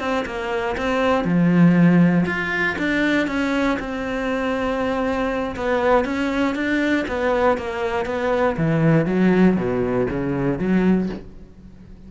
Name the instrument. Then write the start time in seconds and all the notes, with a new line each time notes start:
cello
0.00 C4
0.26 A#3
0.78 C4
1.25 F3
2.26 F4
2.79 D4
3.28 C#4
3.80 C4
5.56 B3
6.05 C#4
6.55 D4
7.08 B3
7.58 A#3
8.06 B3
8.58 E3
9.06 F#3
9.57 B2
10.10 C#3
10.59 F#3